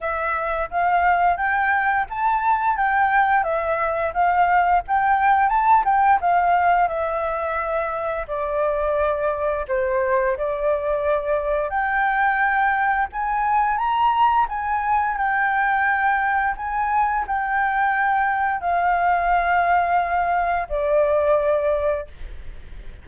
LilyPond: \new Staff \with { instrumentName = "flute" } { \time 4/4 \tempo 4 = 87 e''4 f''4 g''4 a''4 | g''4 e''4 f''4 g''4 | a''8 g''8 f''4 e''2 | d''2 c''4 d''4~ |
d''4 g''2 gis''4 | ais''4 gis''4 g''2 | gis''4 g''2 f''4~ | f''2 d''2 | }